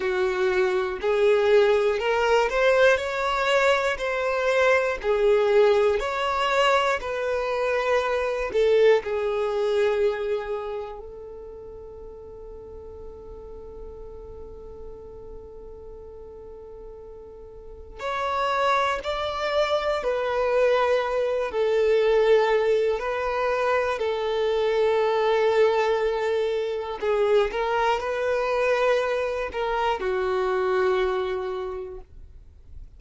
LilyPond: \new Staff \with { instrumentName = "violin" } { \time 4/4 \tempo 4 = 60 fis'4 gis'4 ais'8 c''8 cis''4 | c''4 gis'4 cis''4 b'4~ | b'8 a'8 gis'2 a'4~ | a'1~ |
a'2 cis''4 d''4 | b'4. a'4. b'4 | a'2. gis'8 ais'8 | b'4. ais'8 fis'2 | }